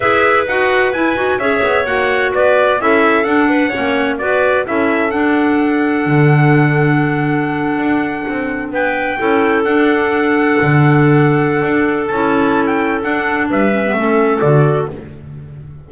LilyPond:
<<
  \new Staff \with { instrumentName = "trumpet" } { \time 4/4 \tempo 4 = 129 e''4 fis''4 gis''4 e''4 | fis''4 d''4 e''4 fis''4~ | fis''4 d''4 e''4 fis''4~ | fis''1~ |
fis''2~ fis''8. g''4~ g''16~ | g''8. fis''2.~ fis''16~ | fis''2 a''4~ a''16 g''8. | fis''4 e''2 d''4 | }
  \new Staff \with { instrumentName = "clarinet" } { \time 4/4 b'2. cis''4~ | cis''4 b'4 a'4. b'8 | cis''4 b'4 a'2~ | a'1~ |
a'2~ a'8. b'4 a'16~ | a'1~ | a'1~ | a'4 b'4 a'2 | }
  \new Staff \with { instrumentName = "clarinet" } { \time 4/4 gis'4 fis'4 e'8 fis'8 gis'4 | fis'2 e'4 d'4 | cis'4 fis'4 e'4 d'4~ | d'1~ |
d'2.~ d'8. e'16~ | e'8. d'2.~ d'16~ | d'2 e'2 | d'4. cis'16 b16 cis'4 fis'4 | }
  \new Staff \with { instrumentName = "double bass" } { \time 4/4 e'4 dis'4 e'8 dis'8 cis'8 b8 | ais4 b4 cis'4 d'4 | ais4 b4 cis'4 d'4~ | d'4 d2.~ |
d8. d'4 c'4 b4 cis'16~ | cis'8. d'2 d4~ d16~ | d4 d'4 cis'2 | d'4 g4 a4 d4 | }
>>